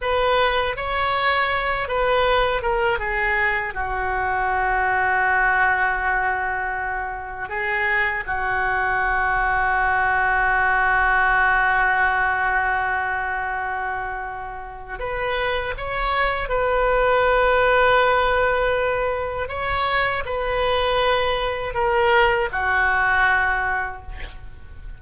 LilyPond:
\new Staff \with { instrumentName = "oboe" } { \time 4/4 \tempo 4 = 80 b'4 cis''4. b'4 ais'8 | gis'4 fis'2.~ | fis'2 gis'4 fis'4~ | fis'1~ |
fis'1 | b'4 cis''4 b'2~ | b'2 cis''4 b'4~ | b'4 ais'4 fis'2 | }